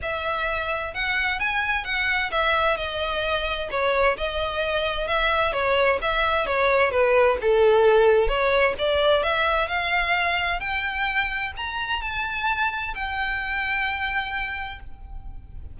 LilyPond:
\new Staff \with { instrumentName = "violin" } { \time 4/4 \tempo 4 = 130 e''2 fis''4 gis''4 | fis''4 e''4 dis''2 | cis''4 dis''2 e''4 | cis''4 e''4 cis''4 b'4 |
a'2 cis''4 d''4 | e''4 f''2 g''4~ | g''4 ais''4 a''2 | g''1 | }